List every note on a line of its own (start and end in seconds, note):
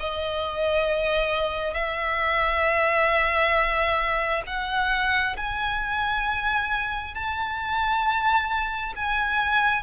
0.00 1.74 D#5
1.74 4.43 E5
4.47 5.36 F#5
5.36 7.15 G#5
7.15 8.94 A5
8.96 9.83 G#5